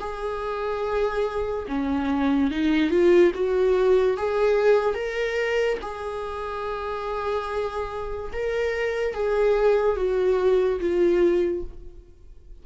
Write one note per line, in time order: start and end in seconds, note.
0.00 1.67 G#4
1.69 2.51 C#4
2.51 2.91 D#4
2.91 3.32 F4
3.35 4.18 F#4
4.18 4.95 G#4
4.95 5.78 A#4
5.82 8.32 G#4
8.33 9.14 A#4
9.14 9.97 G#4
9.97 10.80 F#4
10.80 11.64 F4